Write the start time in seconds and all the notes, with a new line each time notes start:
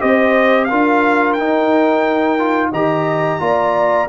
0.00 C4 G4 C5 D#5
0.65 F4 A#4 F5
0.71 D4
1.33 D#4 G5
2.39 F4
2.71 D#3 G4 D#5 A#5
3.39 A#3 F4 D5